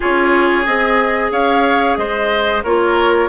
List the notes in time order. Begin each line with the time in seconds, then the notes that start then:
0.00 C#4 F4 G#4 C#5
0.65 C4 G#4 D#5
1.31 C#4 C#5 F5
1.97 G#3 C5 D#5
2.63 A#3 F4 A#4 C#5